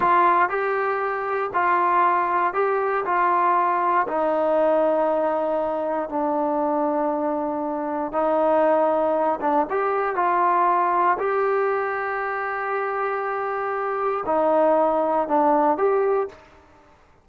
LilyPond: \new Staff \with { instrumentName = "trombone" } { \time 4/4 \tempo 4 = 118 f'4 g'2 f'4~ | f'4 g'4 f'2 | dis'1 | d'1 |
dis'2~ dis'8 d'8 g'4 | f'2 g'2~ | g'1 | dis'2 d'4 g'4 | }